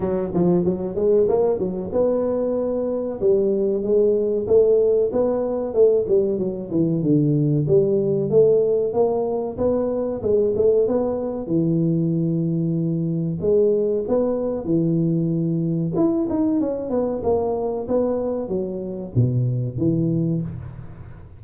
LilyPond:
\new Staff \with { instrumentName = "tuba" } { \time 4/4 \tempo 4 = 94 fis8 f8 fis8 gis8 ais8 fis8 b4~ | b4 g4 gis4 a4 | b4 a8 g8 fis8 e8 d4 | g4 a4 ais4 b4 |
gis8 a8 b4 e2~ | e4 gis4 b4 e4~ | e4 e'8 dis'8 cis'8 b8 ais4 | b4 fis4 b,4 e4 | }